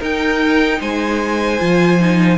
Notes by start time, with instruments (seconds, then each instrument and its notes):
0.00 viola D#4, cello D#4, violin A#4 G5
0.81 cello G#3, violin C5 G#5
1.60 cello F3, viola F4
2.01 viola D#4